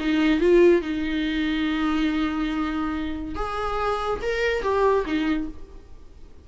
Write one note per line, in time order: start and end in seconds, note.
0.00 0.41 D#4
0.41 0.82 F4
0.82 3.36 D#4
3.36 4.20 G#4
4.22 4.63 A#4
4.63 5.05 G4
5.06 5.48 D#4